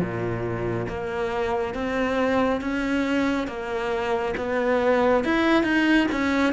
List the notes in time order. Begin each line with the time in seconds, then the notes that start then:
0.00 A#2
0.88 A#3
1.74 C4
2.60 C#4
3.47 A#3
4.37 B3
5.24 E4
5.63 D#4
6.11 C#4